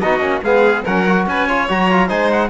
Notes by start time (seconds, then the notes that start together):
0.00 B3 D#4 F#4 D#5
0.20 A#3 C#4
0.43 G#3 B3 G#4 F5
0.85 F#3 C#4 A#4 F#5
1.07 F#4
1.26 C#4 B4 G#5
1.48 F4 C#5
1.69 F#3 F#4 A#5
1.91 F4
2.07 G#3 D#4 C5 G#5
2.32 F#5